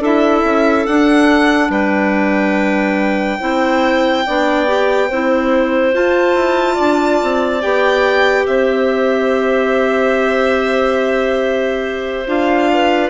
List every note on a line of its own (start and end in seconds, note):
0.00 0.42 D4
0.00 0.88 E4
0.00 1.70 A4
0.00 0.86 E5
0.44 0.86 C#4
0.86 1.69 D4
0.86 3.40 D4
0.86 1.71 F#5
1.69 3.38 G3
1.69 3.39 B4
1.69 5.95 G5
3.40 4.26 C4
3.40 4.24 E4
3.40 4.24 C5
4.26 5.10 B3
4.26 4.67 D4
4.26 5.08 D5
4.67 5.09 G4
5.08 5.94 C4
5.08 5.93 E4
5.08 6.74 C5
5.93 7.61 F4
5.93 6.35 F4
5.93 7.62 A5
6.35 6.77 E4
6.74 7.22 D4
6.74 8.43 D5
7.23 7.64 C4
7.61 8.46 B3
7.61 12.26 G4
7.61 8.46 G5
8.46 12.26 C4
8.46 12.71 C5
8.46 12.27 E5
12.26 13.10 D4
12.26 13.10 F4
12.26 13.10 F5
12.73 13.10 B4